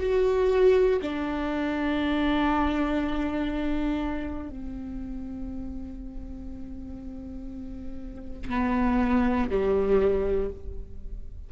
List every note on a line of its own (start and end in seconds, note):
0.00 1.00 F#4
1.01 4.50 D4
4.50 8.50 C4
8.50 9.50 B3
9.50 10.50 G3